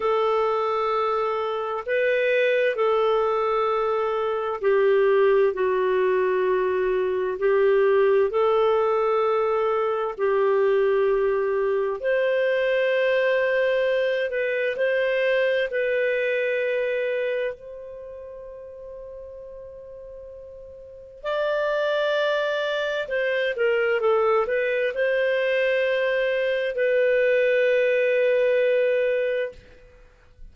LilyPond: \new Staff \with { instrumentName = "clarinet" } { \time 4/4 \tempo 4 = 65 a'2 b'4 a'4~ | a'4 g'4 fis'2 | g'4 a'2 g'4~ | g'4 c''2~ c''8 b'8 |
c''4 b'2 c''4~ | c''2. d''4~ | d''4 c''8 ais'8 a'8 b'8 c''4~ | c''4 b'2. | }